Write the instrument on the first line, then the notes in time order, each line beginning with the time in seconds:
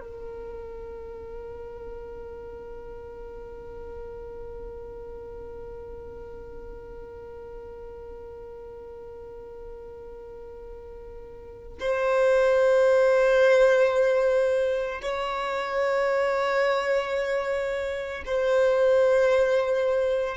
violin
0.00 A#4
11.80 C5
15.02 C#5
18.26 C5